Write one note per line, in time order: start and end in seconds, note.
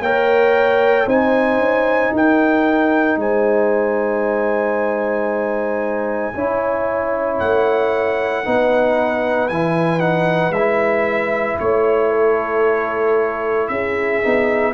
0.00 1.05 A#3
0.00 1.07 A#4
0.00 1.07 C#5
0.00 1.08 G5
1.06 1.58 C4
1.06 6.34 D#4
1.06 2.13 C5
1.06 2.14 G#5
1.58 2.10 C#4
2.12 3.17 D#4
2.12 3.20 A#4
2.12 3.20 G5
3.17 6.32 G#3
3.17 6.35 C5
3.17 7.39 G#5
6.34 7.40 C#4
6.34 8.45 E4
6.34 8.45 C#5
7.39 8.46 A3
7.39 9.49 F#5
8.45 9.50 B3
8.45 9.50 D#4
8.45 11.62 B4
9.49 10.50 E3
9.49 10.00 E4
9.49 10.00 G#5
10.00 10.52 D#4
10.00 10.52 F#5
10.50 11.55 G#3
10.50 11.58 E5
10.57 14.24 E4
11.59 13.70 A3
11.59 13.68 C#5
11.59 12.11 C#5
12.11 13.69 A4
13.68 14.22 C#4
13.68 14.73 G#4
13.68 14.73 E5
14.24 14.73 B3
14.24 14.73 D#4